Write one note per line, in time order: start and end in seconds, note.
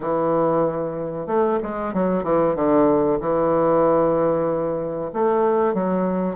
0.00 1.26 E3
1.26 1.58 A3
1.62 1.93 G#3
1.93 2.23 F#3
2.23 2.55 E3
2.55 3.19 D3
3.20 5.11 E3
5.13 5.74 A3
5.74 6.36 F#3